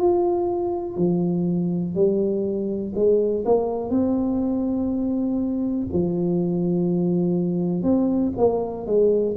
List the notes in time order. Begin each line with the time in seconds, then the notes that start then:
0.00 F4
0.97 F3
1.95 G3
2.96 G#3
3.46 A#3
3.90 C4
5.93 F3
7.83 C4
8.37 A#3
8.87 G#3